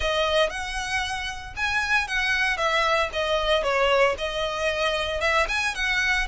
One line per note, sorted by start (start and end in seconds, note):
0.00 0.49 D#5
0.49 1.54 F#5
1.56 2.07 G#5
2.07 2.57 F#5
2.57 3.09 E5
3.12 3.63 D#5
3.63 4.15 C#5
4.17 5.20 D#5
5.20 5.46 E5
5.48 5.74 G#5
5.75 6.27 F#5